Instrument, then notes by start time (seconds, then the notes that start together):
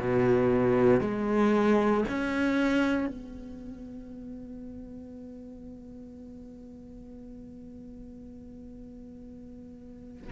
cello
0.00 B2
1.01 G#3
2.09 C#4
3.08 B3